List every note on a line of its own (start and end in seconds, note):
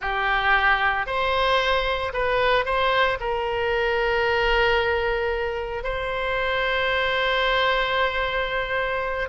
0.01 1.06 G4
1.06 2.12 C5
2.13 2.65 B4
2.65 3.18 C5
3.20 5.83 A#4
5.83 9.28 C5